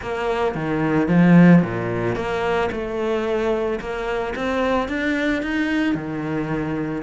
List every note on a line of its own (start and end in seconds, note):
0.01 0.55 A#3
0.55 1.08 D#3
1.08 1.62 F3
1.62 2.15 A#2
2.15 2.69 A#3
2.71 3.79 A3
3.80 4.34 A#3
4.35 4.88 C4
4.88 5.42 D4
5.42 5.94 D#4
5.94 7.02 D#3